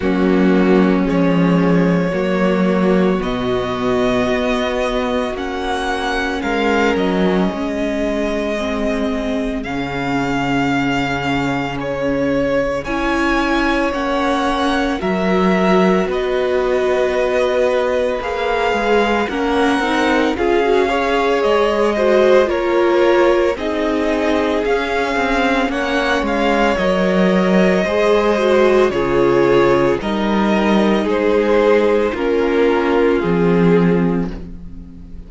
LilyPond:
<<
  \new Staff \with { instrumentName = "violin" } { \time 4/4 \tempo 4 = 56 fis'4 cis''2 dis''4~ | dis''4 fis''4 f''8 dis''4.~ | dis''4 f''2 cis''4 | gis''4 fis''4 e''4 dis''4~ |
dis''4 f''4 fis''4 f''4 | dis''4 cis''4 dis''4 f''4 | fis''8 f''8 dis''2 cis''4 | dis''4 c''4 ais'4 gis'4 | }
  \new Staff \with { instrumentName = "violin" } { \time 4/4 cis'2 fis'2~ | fis'2 ais'4 gis'4~ | gis'1 | cis''2 ais'4 b'4~ |
b'2 ais'4 gis'8 cis''8~ | cis''8 c''8 ais'4 gis'2 | cis''2 c''4 gis'4 | ais'4 gis'4 f'2 | }
  \new Staff \with { instrumentName = "viola" } { \time 4/4 ais4 gis4 ais4 b4~ | b4 cis'2. | c'4 cis'2. | e'4 cis'4 fis'2~ |
fis'4 gis'4 cis'8 dis'8 f'16 fis'16 gis'8~ | gis'8 fis'8 f'4 dis'4 cis'4~ | cis'4 ais'4 gis'8 fis'8 f'4 | dis'2 cis'4 c'4 | }
  \new Staff \with { instrumentName = "cello" } { \time 4/4 fis4 f4 fis4 b,4 | b4 ais4 gis8 fis8 gis4~ | gis4 cis2. | cis'4 ais4 fis4 b4~ |
b4 ais8 gis8 ais8 c'8 cis'4 | gis4 ais4 c'4 cis'8 c'8 | ais8 gis8 fis4 gis4 cis4 | g4 gis4 ais4 f4 | }
>>